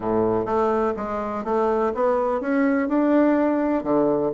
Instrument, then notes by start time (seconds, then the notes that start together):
bassoon
0.00 A2
0.45 A3
0.96 G#3
1.44 A3
1.94 B3
2.40 C#4
2.88 D4
3.83 D3